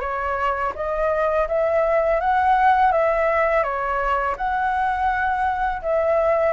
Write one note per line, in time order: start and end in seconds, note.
0.00 0.72 C#5
0.75 1.47 D#5
1.48 2.20 E5
2.20 2.92 F#5
2.92 3.63 E5
3.63 4.35 C#5
4.37 5.81 F#5
5.82 6.52 E5